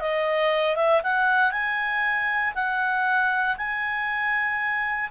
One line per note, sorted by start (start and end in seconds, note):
0.00 0.76 D#5
0.76 1.02 E5
1.03 1.52 F#5
1.52 2.54 G#5
2.55 3.57 F#5
3.58 5.10 G#5